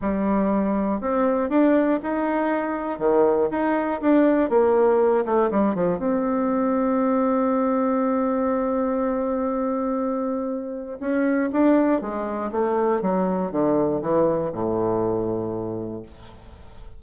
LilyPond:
\new Staff \with { instrumentName = "bassoon" } { \time 4/4 \tempo 4 = 120 g2 c'4 d'4 | dis'2 dis4 dis'4 | d'4 ais4. a8 g8 f8 | c'1~ |
c'1~ | c'2 cis'4 d'4 | gis4 a4 fis4 d4 | e4 a,2. | }